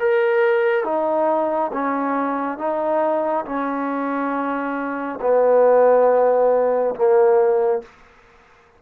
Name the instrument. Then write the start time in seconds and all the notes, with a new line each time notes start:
trombone
0.00 A#4
0.85 D#4
1.73 C#4
2.58 D#4
3.46 C#4
5.21 B3
6.96 A#3